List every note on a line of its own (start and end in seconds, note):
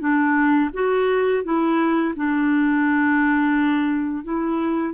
0.00 0.71 D4
0.74 1.44 F#4
1.44 2.15 E4
2.16 4.24 D4
4.24 4.94 E4